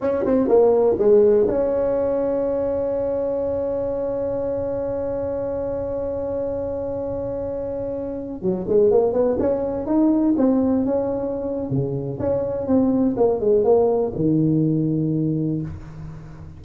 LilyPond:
\new Staff \with { instrumentName = "tuba" } { \time 4/4 \tempo 4 = 123 cis'8 c'8 ais4 gis4 cis'4~ | cis'1~ | cis'1~ | cis'1~ |
cis'4~ cis'16 fis8 gis8 ais8 b8 cis'8.~ | cis'16 dis'4 c'4 cis'4.~ cis'16 | cis4 cis'4 c'4 ais8 gis8 | ais4 dis2. | }